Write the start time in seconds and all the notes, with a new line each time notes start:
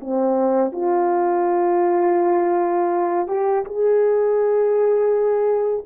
0.00 C4
0.72 F4
3.27 G4
3.65 G#4